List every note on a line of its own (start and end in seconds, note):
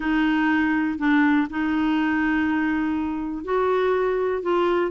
0.00 0.98 D#4
0.98 1.47 D4
1.50 3.44 D#4
3.44 4.42 F#4
4.42 4.91 F4